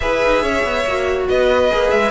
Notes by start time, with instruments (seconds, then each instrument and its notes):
0.00 cello E4, viola G#4, violin B4 E5
0.23 cello D#4
0.42 cello C#4, violin C#5
0.64 cello B3
0.85 cello A#3, viola F#4
1.28 cello B3, violin B4 D#5
1.71 cello A#3, viola G#4
1.90 cello G#3, violin E5